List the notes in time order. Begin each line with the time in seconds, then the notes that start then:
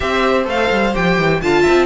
0.00 C4 G4 C5 E5
0.44 A3 A4 F5
0.70 G3
0.94 F3 G4 G5
1.17 E3
1.41 D3 F4 F5 A5
1.61 E5
1.68 C4